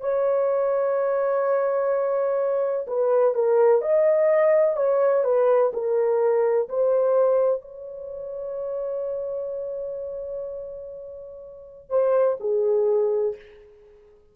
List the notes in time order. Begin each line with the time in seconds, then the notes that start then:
0.00 C#5
2.87 B4
3.34 A#4
3.81 D#5
4.76 C#5
5.24 B4
5.73 A#4
6.69 C5
7.61 C#5
11.90 C5
12.40 G#4